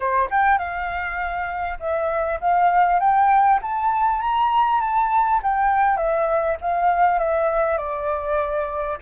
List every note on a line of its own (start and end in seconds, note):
0.00 0.29 C5
0.30 0.58 G5
0.58 1.78 F5
1.79 2.39 E5
2.40 2.99 F5
2.99 3.59 G5
3.62 4.21 A5
4.21 4.81 A#5
4.81 5.41 A5
5.42 5.96 G5
5.96 6.56 E5
6.61 7.18 F5
7.18 7.77 E5
7.77 8.97 D5